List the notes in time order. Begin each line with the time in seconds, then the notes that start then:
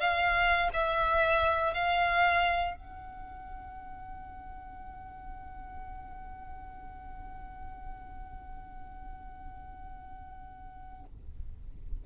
0.00 F5
0.73 E5
1.74 F5
2.76 F#5